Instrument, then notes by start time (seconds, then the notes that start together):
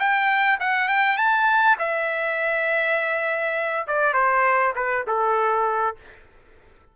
trumpet
0.00 G5
0.60 F#5
0.89 G5
1.17 A5
1.79 E5
3.87 D5
4.14 C5
4.76 B4
5.07 A4